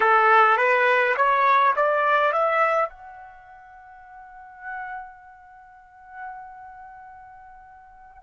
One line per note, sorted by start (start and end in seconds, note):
0.00 0.57 A4
0.57 1.15 B4
1.16 1.74 C#5
1.75 2.32 D5
2.32 2.89 E5
2.89 8.22 F#5